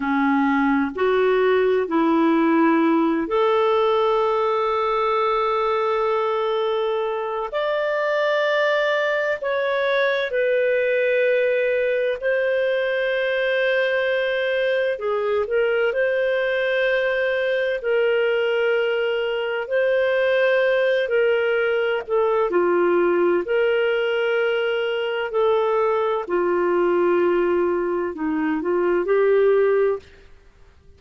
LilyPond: \new Staff \with { instrumentName = "clarinet" } { \time 4/4 \tempo 4 = 64 cis'4 fis'4 e'4. a'8~ | a'1 | d''2 cis''4 b'4~ | b'4 c''2. |
gis'8 ais'8 c''2 ais'4~ | ais'4 c''4. ais'4 a'8 | f'4 ais'2 a'4 | f'2 dis'8 f'8 g'4 | }